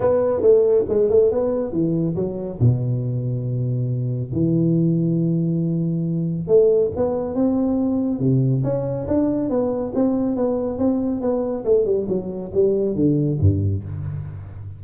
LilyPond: \new Staff \with { instrumentName = "tuba" } { \time 4/4 \tempo 4 = 139 b4 a4 gis8 a8 b4 | e4 fis4 b,2~ | b,2 e2~ | e2. a4 |
b4 c'2 c4 | cis'4 d'4 b4 c'4 | b4 c'4 b4 a8 g8 | fis4 g4 d4 g,4 | }